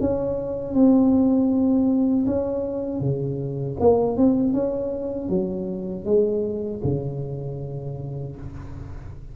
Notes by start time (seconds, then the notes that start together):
0.00 C#4
0.74 C4
2.26 C#4
3.00 C#3
3.80 A#3
4.17 C4
4.53 C#4
5.29 F#3
6.04 G#3
6.84 C#3